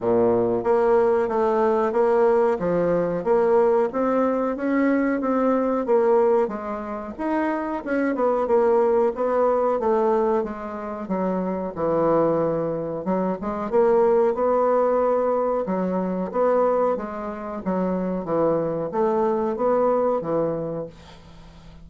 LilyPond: \new Staff \with { instrumentName = "bassoon" } { \time 4/4 \tempo 4 = 92 ais,4 ais4 a4 ais4 | f4 ais4 c'4 cis'4 | c'4 ais4 gis4 dis'4 | cis'8 b8 ais4 b4 a4 |
gis4 fis4 e2 | fis8 gis8 ais4 b2 | fis4 b4 gis4 fis4 | e4 a4 b4 e4 | }